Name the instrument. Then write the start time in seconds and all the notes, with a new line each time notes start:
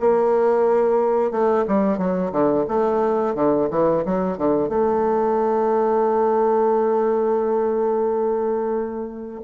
bassoon
0.00 A#3
1.31 A3
1.68 G3
1.98 F#3
2.32 D3
2.68 A3
3.35 D3
3.71 E3
4.05 F#3
4.38 D3
4.69 A3